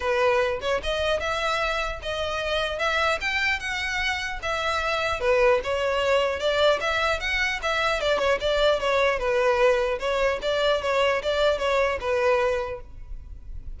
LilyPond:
\new Staff \with { instrumentName = "violin" } { \time 4/4 \tempo 4 = 150 b'4. cis''8 dis''4 e''4~ | e''4 dis''2 e''4 | g''4 fis''2 e''4~ | e''4 b'4 cis''2 |
d''4 e''4 fis''4 e''4 | d''8 cis''8 d''4 cis''4 b'4~ | b'4 cis''4 d''4 cis''4 | d''4 cis''4 b'2 | }